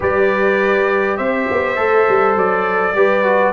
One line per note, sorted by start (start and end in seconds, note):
0.00 1.18 G3
0.00 1.76 G4
0.00 1.17 B4
0.00 1.17 D5
1.17 1.47 C4
1.17 2.94 C5
1.17 2.35 E5
1.50 1.77 B3
1.76 2.06 A3
1.76 2.93 A4
2.09 2.35 G3
2.35 2.94 F#3
2.35 3.52 D5
2.94 3.52 G3
2.94 3.23 G4
2.94 3.52 B4
3.23 3.52 F#4